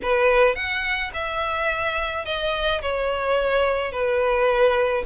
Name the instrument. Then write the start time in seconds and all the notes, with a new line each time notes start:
violin
0.02 B4
0.55 F#5
1.13 E5
2.25 D#5
2.81 C#5
3.92 B4